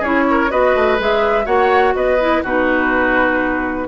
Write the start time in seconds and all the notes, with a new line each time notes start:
0.00 C#4 E4 G#4 C#5
0.31 A#4
0.50 B3 F#4 B4 D#5
0.76 A3
0.99 G#3 G#4 E5
1.45 A#3 F#4 C#5 F#5
1.95 B3 B4 D#5
2.21 E4
2.43 B2 D#4 F#4 B4